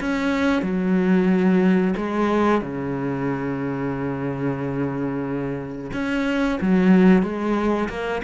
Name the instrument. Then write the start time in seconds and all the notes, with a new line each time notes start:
cello
0.00 C#4
0.62 F#3
1.96 G#3
2.61 C#3
5.93 C#4
6.61 F#3
7.23 G#3
7.89 A#3